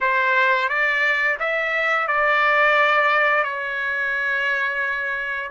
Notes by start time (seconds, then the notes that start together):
0.00 C5
0.69 D5
1.39 E5
2.07 D5
3.43 C#5